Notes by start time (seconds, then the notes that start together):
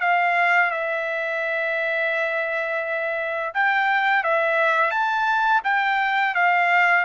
0.00 F5
0.71 E5
3.54 G5
4.23 E5
4.90 A5
5.64 G5
6.34 F5